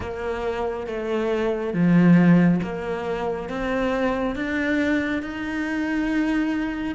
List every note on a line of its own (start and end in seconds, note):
0.00 0.87 A#3
0.87 1.73 A3
1.73 2.60 F3
2.63 3.49 A#3
3.49 4.35 C4
4.35 5.22 D4
5.22 6.95 D#4